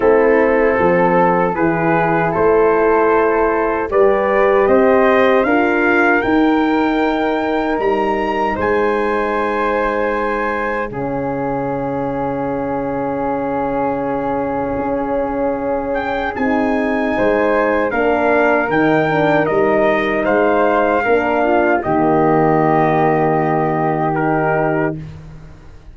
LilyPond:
<<
  \new Staff \with { instrumentName = "trumpet" } { \time 4/4 \tempo 4 = 77 a'2 b'4 c''4~ | c''4 d''4 dis''4 f''4 | g''2 ais''4 gis''4~ | gis''2 f''2~ |
f''1~ | f''8 g''8 gis''2 f''4 | g''4 dis''4 f''2 | dis''2. ais'4 | }
  \new Staff \with { instrumentName = "flute" } { \time 4/4 e'4 a'4 gis'4 a'4~ | a'4 b'4 c''4 ais'4~ | ais'2. c''4~ | c''2 gis'2~ |
gis'1~ | gis'2 c''4 ais'4~ | ais'2 c''4 ais'8 f'8 | g'1 | }
  \new Staff \with { instrumentName = "horn" } { \time 4/4 c'2 e'2~ | e'4 g'2 f'4 | dis'1~ | dis'2 cis'2~ |
cis'1~ | cis'4 dis'2 d'4 | dis'8 d'8 dis'2 d'4 | ais2. dis'4 | }
  \new Staff \with { instrumentName = "tuba" } { \time 4/4 a4 f4 e4 a4~ | a4 g4 c'4 d'4 | dis'2 g4 gis4~ | gis2 cis2~ |
cis2. cis'4~ | cis'4 c'4 gis4 ais4 | dis4 g4 gis4 ais4 | dis1 | }
>>